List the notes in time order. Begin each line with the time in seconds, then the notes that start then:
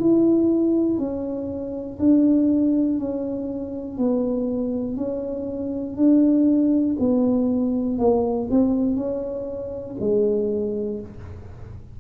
0.00 E4
0.99 C#4
1.99 D4
2.99 C#4
3.98 B3
4.97 C#4
5.97 D4
7.00 B3
7.99 A#3
8.50 C4
8.96 C#4
10.00 G#3